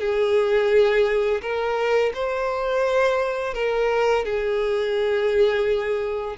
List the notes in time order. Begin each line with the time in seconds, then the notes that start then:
0.00 G#4
1.41 A#4
2.14 C5
3.54 A#4
4.24 G#4